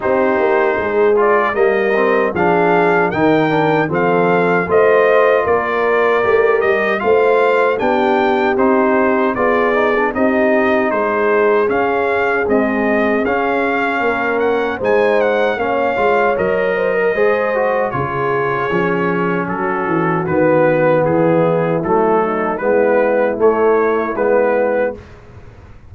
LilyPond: <<
  \new Staff \with { instrumentName = "trumpet" } { \time 4/4 \tempo 4 = 77 c''4. d''8 dis''4 f''4 | g''4 f''4 dis''4 d''4~ | d''8 dis''8 f''4 g''4 c''4 | d''4 dis''4 c''4 f''4 |
dis''4 f''4. fis''8 gis''8 fis''8 | f''4 dis''2 cis''4~ | cis''4 a'4 b'4 gis'4 | a'4 b'4 cis''4 b'4 | }
  \new Staff \with { instrumentName = "horn" } { \time 4/4 g'4 gis'4 ais'4 gis'4 | ais'4 a'4 c''4 ais'4~ | ais'4 c''4 g'2 | gis'4 g'4 gis'2~ |
gis'2 ais'4 c''4 | cis''4. c''16 ais'16 c''4 gis'4~ | gis'4 fis'2 e'4~ | e'8 dis'8 e'2. | }
  \new Staff \with { instrumentName = "trombone" } { \time 4/4 dis'4. f'8 ais8 c'8 d'4 | dis'8 d'8 c'4 f'2 | g'4 f'4 d'4 dis'4 | f'8 dis'16 d'16 dis'2 cis'4 |
gis4 cis'2 dis'4 | cis'8 f'8 ais'4 gis'8 fis'8 f'4 | cis'2 b2 | a4 b4 a4 b4 | }
  \new Staff \with { instrumentName = "tuba" } { \time 4/4 c'8 ais8 gis4 g4 f4 | dis4 f4 a4 ais4 | a8 g8 a4 b4 c'4 | b4 c'4 gis4 cis'4 |
c'4 cis'4 ais4 gis4 | ais8 gis8 fis4 gis4 cis4 | f4 fis8 e8 dis4 e4 | fis4 gis4 a4 gis4 | }
>>